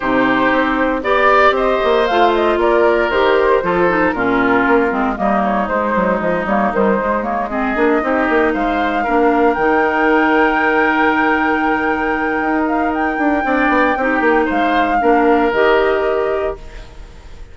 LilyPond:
<<
  \new Staff \with { instrumentName = "flute" } { \time 4/4 \tempo 4 = 116 c''2 d''4 dis''4 | f''8 dis''8 d''4 c''2 | ais'2 dis''8 cis''8 c''4 | dis''8 cis''8 c''4 cis''8 dis''4.~ |
dis''8 f''2 g''4.~ | g''1~ | g''8 f''8 g''2. | f''2 dis''2 | }
  \new Staff \with { instrumentName = "oboe" } { \time 4/4 g'2 d''4 c''4~ | c''4 ais'2 a'4 | f'2 dis'2~ | dis'2~ dis'8 gis'4 g'8~ |
g'8 c''4 ais'2~ ais'8~ | ais'1~ | ais'2 d''4 g'4 | c''4 ais'2. | }
  \new Staff \with { instrumentName = "clarinet" } { \time 4/4 dis'2 g'2 | f'2 g'4 f'8 dis'8 | cis'4. c'8 ais4 gis4~ | gis8 ais8 g8 gis8 ais8 c'8 d'8 dis'8~ |
dis'4. d'4 dis'4.~ | dis'1~ | dis'2 d'4 dis'4~ | dis'4 d'4 g'2 | }
  \new Staff \with { instrumentName = "bassoon" } { \time 4/4 c4 c'4 b4 c'8 ais8 | a4 ais4 dis4 f4 | ais,4 ais8 gis8 g4 gis8 fis8 | f8 g8 dis8 gis4. ais8 c'8 |
ais8 gis4 ais4 dis4.~ | dis1 | dis'4. d'8 c'8 b8 c'8 ais8 | gis4 ais4 dis2 | }
>>